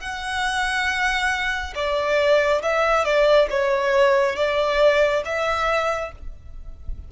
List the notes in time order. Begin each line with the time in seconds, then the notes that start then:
0.00 F#5
1.75 D5
2.62 E5
3.04 D5
3.50 C#5
4.36 D5
5.25 E5